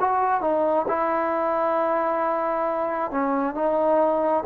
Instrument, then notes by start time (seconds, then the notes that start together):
trombone
0.00 F#4
0.42 D#4
0.88 E4
3.11 C#4
3.55 D#4